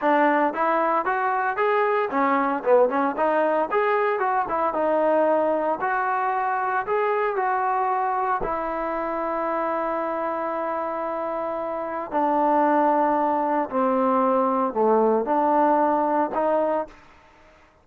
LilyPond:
\new Staff \with { instrumentName = "trombone" } { \time 4/4 \tempo 4 = 114 d'4 e'4 fis'4 gis'4 | cis'4 b8 cis'8 dis'4 gis'4 | fis'8 e'8 dis'2 fis'4~ | fis'4 gis'4 fis'2 |
e'1~ | e'2. d'4~ | d'2 c'2 | a4 d'2 dis'4 | }